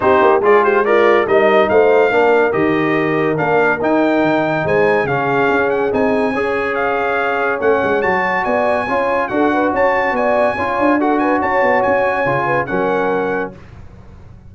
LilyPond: <<
  \new Staff \with { instrumentName = "trumpet" } { \time 4/4 \tempo 4 = 142 c''4 d''8 c''8 d''4 dis''4 | f''2 dis''2 | f''4 g''2 gis''4 | f''4. fis''8 gis''2 |
f''2 fis''4 a''4 | gis''2 fis''4 a''4 | gis''2 fis''8 gis''8 a''4 | gis''2 fis''2 | }
  \new Staff \with { instrumentName = "horn" } { \time 4/4 g'4 gis'8 g'8 f'4 ais'4 | c''4 ais'2.~ | ais'2. c''4 | gis'2. cis''4~ |
cis''1 | d''4 cis''4 a'8 b'8 cis''4 | d''4 cis''4 a'8 b'8 cis''4~ | cis''4. b'8 ais'2 | }
  \new Staff \with { instrumentName = "trombone" } { \time 4/4 dis'4 f'4 ais'4 dis'4~ | dis'4 d'4 g'2 | d'4 dis'2. | cis'2 dis'4 gis'4~ |
gis'2 cis'4 fis'4~ | fis'4 f'4 fis'2~ | fis'4 f'4 fis'2~ | fis'4 f'4 cis'2 | }
  \new Staff \with { instrumentName = "tuba" } { \time 4/4 c'8 ais8 gis2 g4 | a4 ais4 dis2 | ais4 dis'4 dis4 gis4 | cis4 cis'4 c'4 cis'4~ |
cis'2 a8 gis8 fis4 | b4 cis'4 d'4 cis'4 | b4 cis'8 d'4. cis'8 b8 | cis'4 cis4 fis2 | }
>>